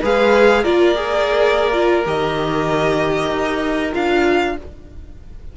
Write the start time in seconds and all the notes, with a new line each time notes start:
0.00 G#3 G#4 B4 F5
0.62 A#3 F4 A#4 D5
0.95 G#4
1.73 F4
2.06 D#3 G4 D#5
3.31 D#4
3.93 D4 F4 F5